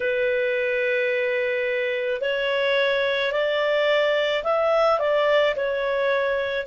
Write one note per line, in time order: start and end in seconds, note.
0.00 2.21 B4
2.21 3.32 C#5
3.32 4.43 D5
4.43 4.99 E5
4.99 5.55 D5
5.56 6.66 C#5